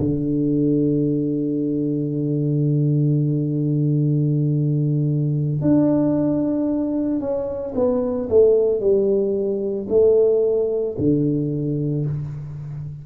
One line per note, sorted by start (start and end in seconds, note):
0.00 5.62 D3
5.62 7.20 D4
7.20 7.74 C#4
7.75 8.29 B3
8.30 8.81 A3
8.81 9.88 G3
9.90 10.97 A3
10.99 12.06 D3